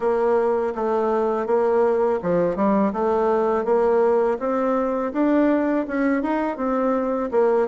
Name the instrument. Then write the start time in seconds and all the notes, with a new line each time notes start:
bassoon
0.00 A#3
0.75 A3
1.46 A#3
2.22 F3
2.55 G3
2.93 A3
3.64 A#3
4.39 C4
5.13 D4
5.87 C#4
6.22 D#4
6.57 C4
7.31 A#3